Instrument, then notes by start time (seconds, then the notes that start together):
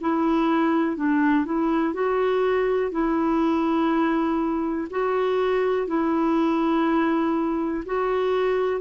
clarinet
0.00 E4
0.96 D4
1.45 E4
1.93 F#4
2.91 E4
4.90 F#4
5.87 E4
7.85 F#4